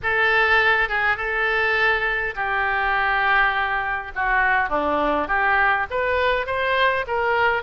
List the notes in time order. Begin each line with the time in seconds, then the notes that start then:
0.02 A4
0.88 G#4
1.17 A4
2.35 G4
4.15 F#4
4.69 D4
5.27 G4
5.90 B4
6.46 C5
7.07 A#4